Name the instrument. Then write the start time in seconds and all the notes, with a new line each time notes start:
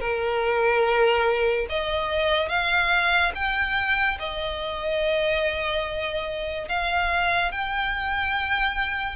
violin
0.00 A#4
1.69 D#5
2.49 F5
3.35 G5
4.19 D#5
6.69 F5
7.52 G5